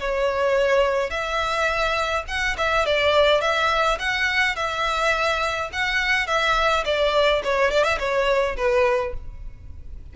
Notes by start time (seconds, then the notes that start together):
0.00 C#5
1.10 E5
2.28 F#5
2.58 E5
2.86 D5
3.41 E5
3.99 F#5
4.56 E5
5.73 F#5
6.27 E5
6.85 D5
7.44 C#5
7.72 D5
7.84 E5
7.99 C#5
8.57 B4